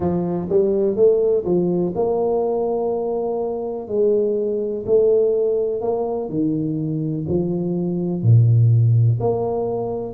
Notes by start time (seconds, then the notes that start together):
0.00 F3
0.49 G3
0.96 A3
1.45 F3
1.95 A#3
3.88 G#3
4.86 A3
5.81 A#3
6.29 D#3
7.28 F3
8.22 A#2
9.20 A#3